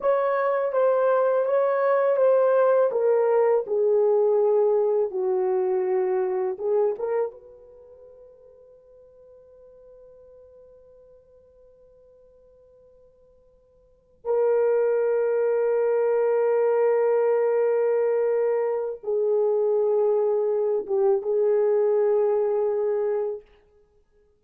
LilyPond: \new Staff \with { instrumentName = "horn" } { \time 4/4 \tempo 4 = 82 cis''4 c''4 cis''4 c''4 | ais'4 gis'2 fis'4~ | fis'4 gis'8 ais'8 b'2~ | b'1~ |
b'2.~ b'8 ais'8~ | ais'1~ | ais'2 gis'2~ | gis'8 g'8 gis'2. | }